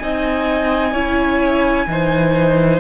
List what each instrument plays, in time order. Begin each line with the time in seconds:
0.00 cello C4, viola D#4, violin D#5 G#5
0.93 cello C#4, viola E4, violin C#5
1.87 cello E3, viola D#4, violin C5